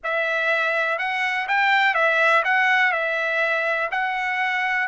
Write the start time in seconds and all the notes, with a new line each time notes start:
0.03 E5
0.98 F#5
1.48 G5
1.94 E5
2.44 F#5
2.92 E5
3.91 F#5